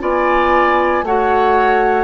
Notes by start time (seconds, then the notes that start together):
0.00 B3 F4 D5 G#5
1.02 A3 F#4 C#5 F#5